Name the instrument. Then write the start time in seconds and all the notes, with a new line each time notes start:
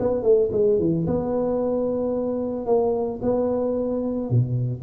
tuba
0.00 B3
0.23 A3
0.53 G#3
0.80 E3
1.07 B3
2.66 A#3
3.23 B3
4.30 B2